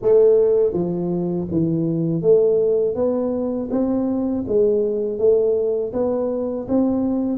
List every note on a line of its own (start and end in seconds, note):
0.02 0.73 A3
0.73 1.47 F3
1.50 2.22 E3
2.22 2.95 A3
2.95 3.69 B3
3.70 4.44 C4
4.47 5.18 G#3
5.18 5.92 A3
5.93 6.67 B3
6.68 7.38 C4